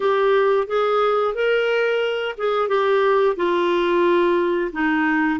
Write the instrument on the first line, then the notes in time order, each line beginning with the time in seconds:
clarinet
0.00 G4
0.67 G#4
1.34 A#4
2.37 G#4
2.68 G4
3.36 F4
4.72 D#4